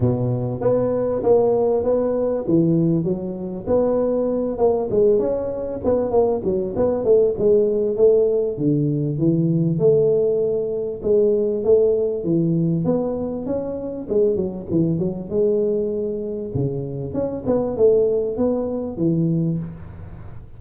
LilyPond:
\new Staff \with { instrumentName = "tuba" } { \time 4/4 \tempo 4 = 98 b,4 b4 ais4 b4 | e4 fis4 b4. ais8 | gis8 cis'4 b8 ais8 fis8 b8 a8 | gis4 a4 d4 e4 |
a2 gis4 a4 | e4 b4 cis'4 gis8 fis8 | e8 fis8 gis2 cis4 | cis'8 b8 a4 b4 e4 | }